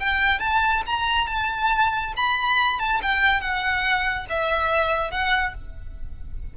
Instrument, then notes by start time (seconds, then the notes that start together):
violin
0.00 G5
0.40 A5
0.87 A#5
1.28 A5
2.17 B5
2.80 A5
3.03 G5
3.41 F#5
4.30 E5
5.12 F#5